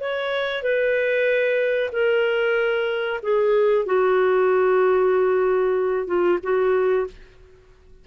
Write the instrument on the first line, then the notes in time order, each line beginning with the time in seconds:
clarinet
0.00 C#5
0.62 B4
1.92 A#4
3.23 G#4
3.86 F#4
6.07 F4
6.43 F#4